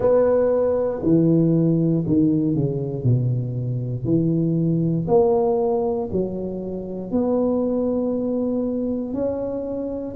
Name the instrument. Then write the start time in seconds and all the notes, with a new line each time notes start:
tuba
0.00 B3
1.02 E3
2.06 D#3
2.54 C#3
3.03 B2
4.04 E3
5.07 A#3
6.12 F#3
7.11 B3
9.13 C#4